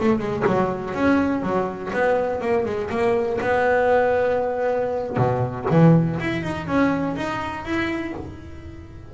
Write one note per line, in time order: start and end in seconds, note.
0.00 0.19 A3
0.19 0.43 G#3
0.46 0.94 F#3
0.94 1.42 C#4
1.42 1.91 F#3
1.93 2.41 B3
2.41 2.65 A#3
2.65 2.90 G#3
2.90 3.39 A#3
3.41 5.17 B3
5.17 5.65 B2
5.70 6.19 E3
6.19 6.43 E4
6.43 6.67 D#4
6.67 7.15 C#4
7.16 7.65 D#4
7.65 8.14 E4